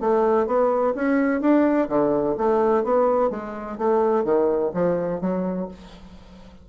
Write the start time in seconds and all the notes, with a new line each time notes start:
0.00 A3
0.46 B3
0.94 C#4
1.41 D4
1.88 D3
2.37 A3
2.83 B3
3.30 G#3
3.78 A3
4.24 D#3
4.74 F3
5.21 F#3